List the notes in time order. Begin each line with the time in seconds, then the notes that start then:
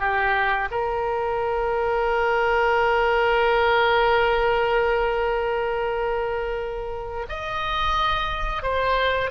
0.00 G4
0.71 A#4
7.29 D#5
8.63 C5